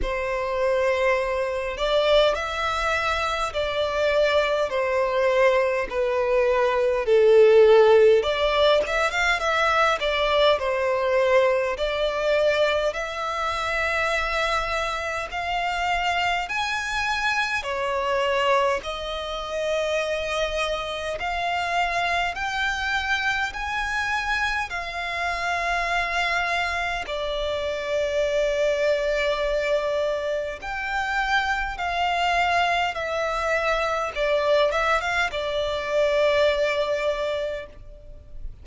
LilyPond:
\new Staff \with { instrumentName = "violin" } { \time 4/4 \tempo 4 = 51 c''4. d''8 e''4 d''4 | c''4 b'4 a'4 d''8 e''16 f''16 | e''8 d''8 c''4 d''4 e''4~ | e''4 f''4 gis''4 cis''4 |
dis''2 f''4 g''4 | gis''4 f''2 d''4~ | d''2 g''4 f''4 | e''4 d''8 e''16 f''16 d''2 | }